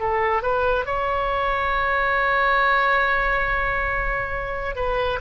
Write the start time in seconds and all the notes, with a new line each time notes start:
0.00 A4
0.43 B4
0.86 C#5
4.76 B4